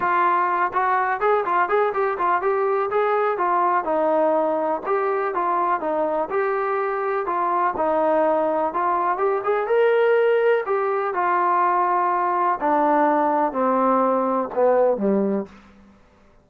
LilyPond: \new Staff \with { instrumentName = "trombone" } { \time 4/4 \tempo 4 = 124 f'4. fis'4 gis'8 f'8 gis'8 | g'8 f'8 g'4 gis'4 f'4 | dis'2 g'4 f'4 | dis'4 g'2 f'4 |
dis'2 f'4 g'8 gis'8 | ais'2 g'4 f'4~ | f'2 d'2 | c'2 b4 g4 | }